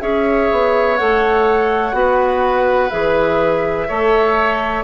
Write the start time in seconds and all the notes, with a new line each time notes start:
0.00 C#4 G#4 C#5 E5
0.52 B3
0.97 A3 A4 F#5
1.93 B3 F#4 B4
2.90 E3 G#4 E5
3.88 A3 A4 C#5